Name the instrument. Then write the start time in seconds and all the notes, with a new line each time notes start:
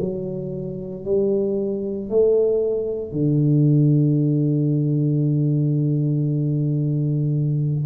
tuba
0.00 F#3
1.05 G3
2.10 A3
3.12 D3